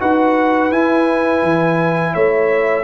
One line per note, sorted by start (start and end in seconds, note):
0.00 0.71 D#4
0.00 0.71 F#4
0.00 2.13 B4
0.00 0.72 F#5
0.71 1.43 E4
0.71 2.84 E4
0.71 2.14 G#5
1.43 2.14 E3
2.13 2.84 A3
2.13 2.84 C#5
2.13 2.84 E5